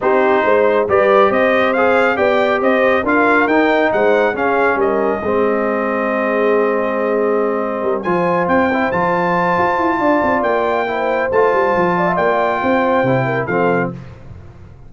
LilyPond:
<<
  \new Staff \with { instrumentName = "trumpet" } { \time 4/4 \tempo 4 = 138 c''2 d''4 dis''4 | f''4 g''4 dis''4 f''4 | g''4 fis''4 f''4 dis''4~ | dis''1~ |
dis''2~ dis''8 gis''4 g''8~ | g''8 a''2.~ a''8 | g''2 a''2 | g''2. f''4 | }
  \new Staff \with { instrumentName = "horn" } { \time 4/4 g'4 c''4 b'4 c''4~ | c''4 d''4 c''4 ais'4~ | ais'4 c''4 gis'4 ais'4 | gis'1~ |
gis'2 ais'8 c''4.~ | c''2. d''4~ | d''4 c''2~ c''8 d''16 e''16 | d''4 c''4. ais'8 a'4 | }
  \new Staff \with { instrumentName = "trombone" } { \time 4/4 dis'2 g'2 | gis'4 g'2 f'4 | dis'2 cis'2 | c'1~ |
c'2~ c'8 f'4. | e'8 f'2.~ f'8~ | f'4 e'4 f'2~ | f'2 e'4 c'4 | }
  \new Staff \with { instrumentName = "tuba" } { \time 4/4 c'4 gis4 g4 c'4~ | c'4 b4 c'4 d'4 | dis'4 gis4 cis'4 g4 | gis1~ |
gis2 g8 f4 c'8~ | c'8 f4. f'8 e'8 d'8 c'8 | ais2 a8 g8 f4 | ais4 c'4 c4 f4 | }
>>